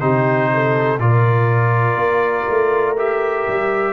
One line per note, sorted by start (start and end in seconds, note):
0.00 0.99 C3
0.00 0.99 D#4
0.00 0.50 G4
0.00 0.98 C5
0.53 1.02 A4
0.99 1.95 A#2
0.99 2.96 F4
0.99 3.93 A#4
0.99 2.96 D5
1.95 2.45 A#3
2.49 3.47 A3
2.97 3.93 G4
2.97 3.93 E5
3.48 3.93 G3